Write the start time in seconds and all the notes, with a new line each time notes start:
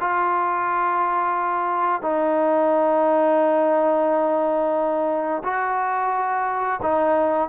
0.00 F4
2.01 D#4
5.44 F#4
6.82 D#4